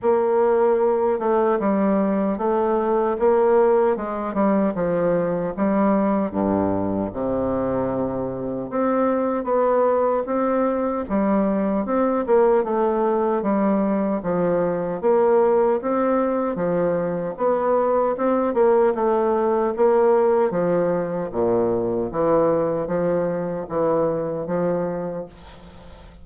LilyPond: \new Staff \with { instrumentName = "bassoon" } { \time 4/4 \tempo 4 = 76 ais4. a8 g4 a4 | ais4 gis8 g8 f4 g4 | g,4 c2 c'4 | b4 c'4 g4 c'8 ais8 |
a4 g4 f4 ais4 | c'4 f4 b4 c'8 ais8 | a4 ais4 f4 ais,4 | e4 f4 e4 f4 | }